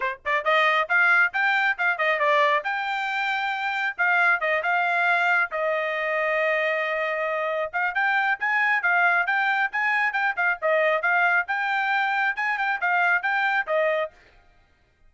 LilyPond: \new Staff \with { instrumentName = "trumpet" } { \time 4/4 \tempo 4 = 136 c''8 d''8 dis''4 f''4 g''4 | f''8 dis''8 d''4 g''2~ | g''4 f''4 dis''8 f''4.~ | f''8 dis''2.~ dis''8~ |
dis''4. f''8 g''4 gis''4 | f''4 g''4 gis''4 g''8 f''8 | dis''4 f''4 g''2 | gis''8 g''8 f''4 g''4 dis''4 | }